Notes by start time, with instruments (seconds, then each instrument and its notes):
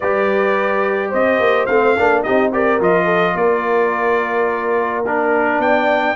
0.00 tuba G3, trombone G4, horn B4, trumpet D5
1.09 tuba C4, horn C5, trumpet D#5
1.39 tuba A#3
1.66 tuba A3, trombone C4, trumpet F5
1.95 tuba A#3, trombone D4, horn A4
2.23 tuba C4, trombone D#4, horn G4, trumpet D#5
2.52 trombone G4, horn A#4, trumpet D5
2.80 tuba F3, trombone F4, trumpet D#5
3.05 horn A4
3.34 tuba A#3, horn A#4, trumpet D5
5.05 trombone D4, trumpet A#4
5.58 tuba B3, horn D5, trumpet G5